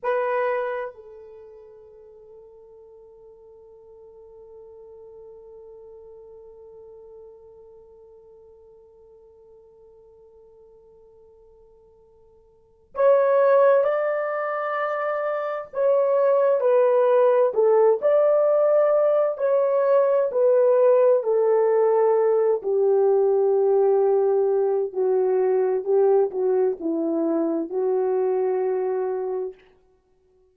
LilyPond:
\new Staff \with { instrumentName = "horn" } { \time 4/4 \tempo 4 = 65 b'4 a'2.~ | a'1~ | a'1~ | a'2 cis''4 d''4~ |
d''4 cis''4 b'4 a'8 d''8~ | d''4 cis''4 b'4 a'4~ | a'8 g'2~ g'8 fis'4 | g'8 fis'8 e'4 fis'2 | }